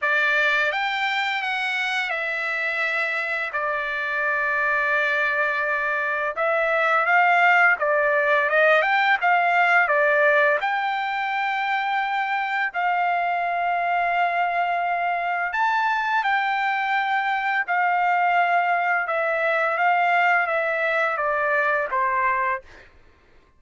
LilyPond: \new Staff \with { instrumentName = "trumpet" } { \time 4/4 \tempo 4 = 85 d''4 g''4 fis''4 e''4~ | e''4 d''2.~ | d''4 e''4 f''4 d''4 | dis''8 g''8 f''4 d''4 g''4~ |
g''2 f''2~ | f''2 a''4 g''4~ | g''4 f''2 e''4 | f''4 e''4 d''4 c''4 | }